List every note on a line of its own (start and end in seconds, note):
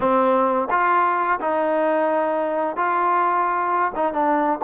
0.00 0.68 C4
0.70 1.39 F4
1.40 2.76 D#4
2.76 3.91 F4
3.95 4.13 D#4
4.13 4.59 D4